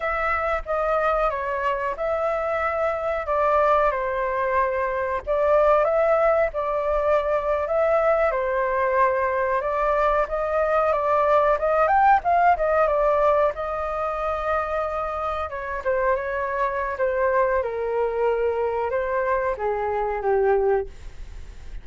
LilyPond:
\new Staff \with { instrumentName = "flute" } { \time 4/4 \tempo 4 = 92 e''4 dis''4 cis''4 e''4~ | e''4 d''4 c''2 | d''4 e''4 d''4.~ d''16 e''16~ | e''8. c''2 d''4 dis''16~ |
dis''8. d''4 dis''8 g''8 f''8 dis''8 d''16~ | d''8. dis''2. cis''16~ | cis''16 c''8 cis''4~ cis''16 c''4 ais'4~ | ais'4 c''4 gis'4 g'4 | }